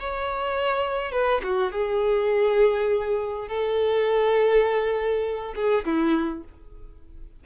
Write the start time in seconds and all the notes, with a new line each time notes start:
0.00 C#5
1.12 B4
1.44 F#4
1.72 G#4
3.49 A4
5.56 G#4
5.85 E4